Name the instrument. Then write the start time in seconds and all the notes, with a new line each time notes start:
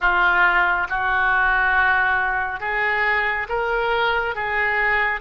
oboe
0.00 F4
0.89 F#4
2.60 G#4
3.49 A#4
4.35 G#4